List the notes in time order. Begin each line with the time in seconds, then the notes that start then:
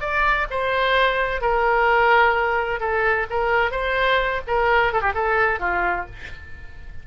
0.00 D5
0.50 C5
1.41 A#4
2.80 A4
3.30 A#4
3.71 C5
4.47 A#4
4.93 A4
5.01 G4
5.14 A4
5.59 F4